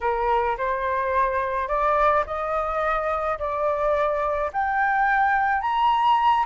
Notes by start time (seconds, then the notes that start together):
0.01 A#4
0.57 C5
1.67 D5
2.26 D#5
3.38 D5
4.52 G5
5.61 A#5